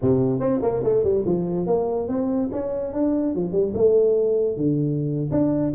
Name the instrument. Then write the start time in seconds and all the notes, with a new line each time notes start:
tuba
0.01 C3
0.40 C4
0.61 A#3
0.83 A3
1.03 G3
1.25 F3
1.66 A#3
2.08 C4
2.52 C#4
2.93 D4
3.34 F3
3.52 G3
3.73 A3
4.57 D3
5.31 D4